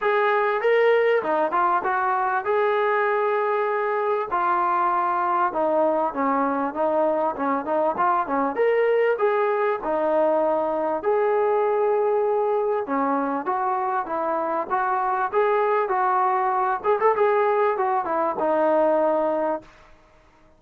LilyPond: \new Staff \with { instrumentName = "trombone" } { \time 4/4 \tempo 4 = 98 gis'4 ais'4 dis'8 f'8 fis'4 | gis'2. f'4~ | f'4 dis'4 cis'4 dis'4 | cis'8 dis'8 f'8 cis'8 ais'4 gis'4 |
dis'2 gis'2~ | gis'4 cis'4 fis'4 e'4 | fis'4 gis'4 fis'4. gis'16 a'16 | gis'4 fis'8 e'8 dis'2 | }